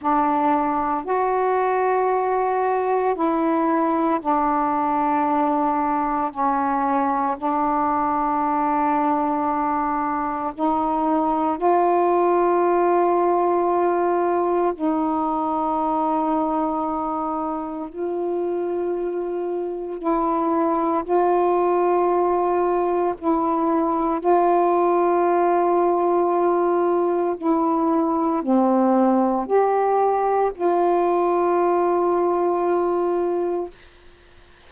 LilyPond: \new Staff \with { instrumentName = "saxophone" } { \time 4/4 \tempo 4 = 57 d'4 fis'2 e'4 | d'2 cis'4 d'4~ | d'2 dis'4 f'4~ | f'2 dis'2~ |
dis'4 f'2 e'4 | f'2 e'4 f'4~ | f'2 e'4 c'4 | g'4 f'2. | }